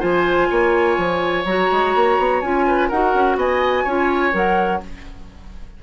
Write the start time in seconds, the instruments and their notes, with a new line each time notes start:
0.00 bassoon F3, clarinet F4, oboe C5, flute G#5
0.50 bassoon A#3, oboe C#5
0.98 bassoon F3
1.45 bassoon F#3, clarinet F#4, flute A#5
1.72 bassoon G#3
1.95 bassoon A#3
2.19 bassoon B3
2.41 bassoon C#4, clarinet F4, flute G#5
2.68 oboe B4
2.89 bassoon D#4, clarinet F#4, oboe A#4, flute F#5
3.15 bassoon C#4
3.37 bassoon B3, oboe D#5, flute G#5
3.84 bassoon C#4, clarinet F4, oboe C#5
4.32 bassoon F#3, clarinet A#4, flute F#5